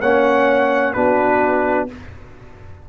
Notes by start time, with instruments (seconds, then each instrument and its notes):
0.00 tuba A#3, trombone C#4, horn C#5, trumpet F#5
0.93 tuba B3, trombone D4, horn F#4, trumpet B4